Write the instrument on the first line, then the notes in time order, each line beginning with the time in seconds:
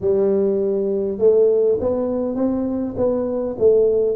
tuba
0.00 G3
1.18 A3
1.80 B3
2.35 C4
2.96 B3
3.58 A3